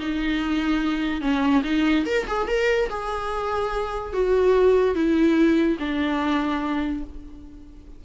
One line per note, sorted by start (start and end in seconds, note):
0.00 1.21 D#4
1.21 1.63 C#4
1.64 2.05 D#4
2.06 2.26 A#4
2.27 2.48 G#4
2.48 2.89 A#4
2.90 4.13 G#4
4.13 4.95 F#4
4.95 5.78 E4
5.79 7.04 D4